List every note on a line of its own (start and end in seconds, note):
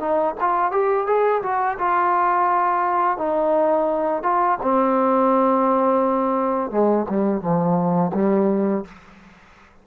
0.00 0.35 D#4
0.41 0.72 F4
0.72 1.07 G4
1.07 1.42 G#4
1.43 1.78 F#4
1.79 3.18 F4
3.18 4.23 D#4
4.23 4.59 F4
4.63 6.71 C4
6.71 7.07 G#3
7.10 7.41 G3
7.41 8.12 F3
8.15 8.85 G3